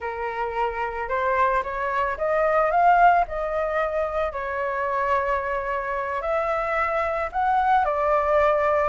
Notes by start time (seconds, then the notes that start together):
0.00 A#4
1.08 C5
1.63 C#5
2.17 D#5
2.70 F5
3.27 D#5
4.32 C#5
6.21 E5
7.32 F#5
7.85 D5